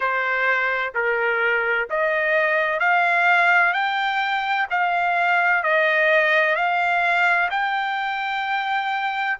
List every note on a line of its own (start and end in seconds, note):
0.00 0.92 C5
0.94 1.88 A#4
1.90 2.79 D#5
2.79 3.73 F5
3.73 4.66 G5
4.70 5.63 F5
5.63 6.55 D#5
6.55 7.49 F5
7.50 9.37 G5